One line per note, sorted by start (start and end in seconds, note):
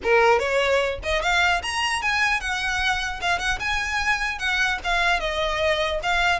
0.03 0.39 A#4
0.39 0.99 C#5
1.03 1.22 D#5
1.22 1.62 F5
1.62 2.02 A#5
2.02 2.40 G#5
2.40 3.20 F#5
3.21 3.39 F5
3.39 3.59 F#5
3.59 4.38 G#5
4.38 4.78 F#5
4.83 5.20 F5
5.20 6.00 D#5
6.02 6.39 F5